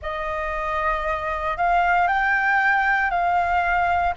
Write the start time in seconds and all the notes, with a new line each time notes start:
0.01 D#5
1.57 F5
2.07 G5
3.10 F5